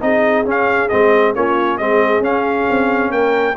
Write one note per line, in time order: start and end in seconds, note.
0.00 0.46 C4
0.00 0.44 D#4
0.00 1.35 G#4
0.00 0.46 D#5
0.45 0.90 C#4
0.45 0.89 F5
0.89 1.35 G#3
0.89 1.36 C4
0.89 1.33 D#5
1.35 1.80 A#3
1.35 1.80 C#4
1.35 1.80 F4
1.35 1.78 C#5
1.78 2.20 G#3
1.78 2.22 C4
1.78 3.12 G#4
1.78 2.22 D#5
2.20 2.64 C#4
2.20 3.56 C#4
2.20 3.12 F5
2.70 3.11 C4
3.11 3.55 A#3
3.11 3.56 A#4
3.11 3.56 G5